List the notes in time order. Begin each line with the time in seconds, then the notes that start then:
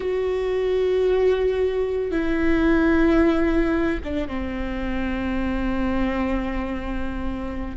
0.00 F#4
2.11 E4
4.04 D4
4.27 C4